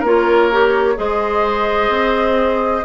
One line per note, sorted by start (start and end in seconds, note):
0.00 0.97 A#3
0.00 0.52 F4
0.00 0.94 A#4
0.06 0.99 C#5
0.52 0.96 G4
0.96 1.89 G#3
0.96 2.84 G#4
0.96 2.86 C5
0.96 2.86 D#5
1.89 2.83 C4